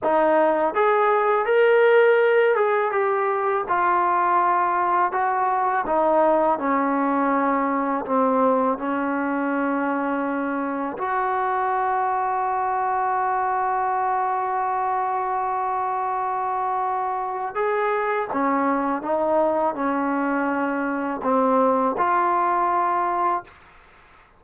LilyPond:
\new Staff \with { instrumentName = "trombone" } { \time 4/4 \tempo 4 = 82 dis'4 gis'4 ais'4. gis'8 | g'4 f'2 fis'4 | dis'4 cis'2 c'4 | cis'2. fis'4~ |
fis'1~ | fis'1 | gis'4 cis'4 dis'4 cis'4~ | cis'4 c'4 f'2 | }